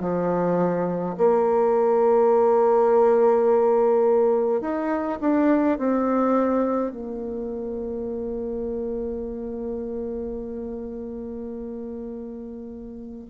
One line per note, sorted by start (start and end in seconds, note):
0.00 1.15 F3
1.17 4.60 A#3
4.60 5.18 D#4
5.20 5.78 D4
5.78 6.91 C4
6.91 13.25 A#3